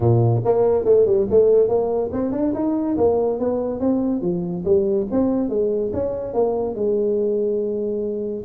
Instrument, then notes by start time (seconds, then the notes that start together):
tuba
0.00 A#2
0.44 A#3
0.84 A3
1.05 G3
1.30 A3
1.68 A#3
2.12 C4
2.31 D4
2.54 D#4
2.97 A#3
3.39 B3
3.80 C4
4.21 F3
4.64 G3
5.11 C4
5.49 G#3
5.93 C#4
6.33 A#3
6.75 G#3